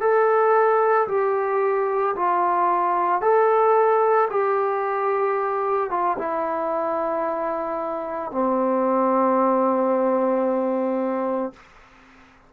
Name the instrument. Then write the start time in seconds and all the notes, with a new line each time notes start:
trombone
0.00 A4
1.08 G4
2.16 F4
3.21 A4
4.30 G4
5.90 F4
6.18 E4
8.31 C4